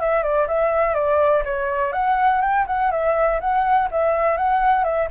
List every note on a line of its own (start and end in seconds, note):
0.00 0.23 E5
0.23 0.47 D5
0.48 0.94 E5
0.94 1.43 D5
1.45 1.92 C#5
1.92 2.41 F#5
2.41 2.66 G5
2.67 2.91 F#5
2.92 3.40 E5
3.41 3.89 F#5
3.91 4.37 E5
4.37 4.84 F#5
4.84 5.08 E5